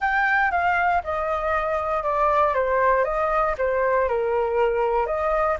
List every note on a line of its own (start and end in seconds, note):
0.00 0.51 G5
0.51 1.01 F5
1.03 2.03 D#5
2.03 2.54 D5
2.54 3.04 C5
3.04 3.55 D#5
3.57 4.08 C5
4.08 5.06 A#4
5.06 5.57 D#5